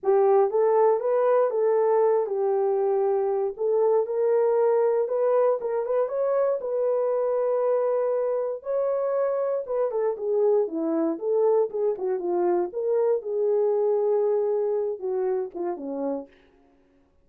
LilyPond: \new Staff \with { instrumentName = "horn" } { \time 4/4 \tempo 4 = 118 g'4 a'4 b'4 a'4~ | a'8 g'2~ g'8 a'4 | ais'2 b'4 ais'8 b'8 | cis''4 b'2.~ |
b'4 cis''2 b'8 a'8 | gis'4 e'4 a'4 gis'8 fis'8 | f'4 ais'4 gis'2~ | gis'4. fis'4 f'8 cis'4 | }